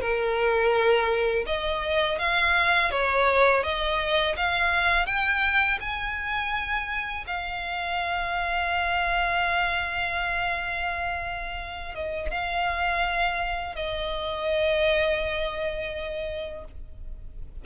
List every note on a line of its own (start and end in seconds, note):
0.00 1.45 A#4
1.46 2.18 D#5
2.18 2.90 F5
2.91 3.63 C#5
3.63 4.35 D#5
4.36 5.06 F5
5.06 5.78 G5
5.80 7.25 G#5
7.27 11.94 F5
11.94 12.30 D#5
12.31 13.75 F5
13.75 16.64 D#5